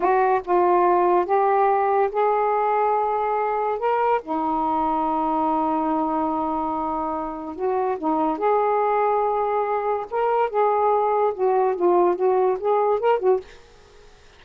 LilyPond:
\new Staff \with { instrumentName = "saxophone" } { \time 4/4 \tempo 4 = 143 fis'4 f'2 g'4~ | g'4 gis'2.~ | gis'4 ais'4 dis'2~ | dis'1~ |
dis'2 fis'4 dis'4 | gis'1 | ais'4 gis'2 fis'4 | f'4 fis'4 gis'4 ais'8 fis'8 | }